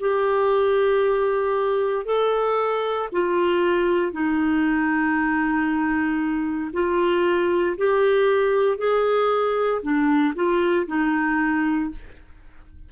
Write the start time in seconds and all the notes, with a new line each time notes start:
0.00 G4
2.06 A4
3.13 F4
4.13 D#4
6.73 F4
7.78 G4
8.78 G#4
9.83 D4
10.35 F4
10.88 D#4